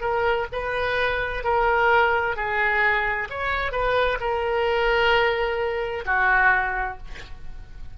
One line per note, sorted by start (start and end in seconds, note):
0.00 0.46 A#4
0.52 1.43 B4
1.43 2.36 A#4
2.36 3.28 G#4
3.30 3.71 C#5
3.71 4.17 B4
4.20 6.05 A#4
6.05 6.97 F#4